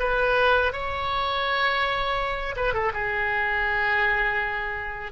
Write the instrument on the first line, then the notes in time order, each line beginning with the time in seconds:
oboe
0.00 B4
0.73 C#5
2.56 B4
2.74 A4
2.94 G#4